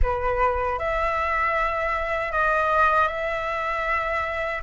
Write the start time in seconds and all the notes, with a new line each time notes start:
0.02 B4
0.78 E5
2.31 D#5
3.07 E5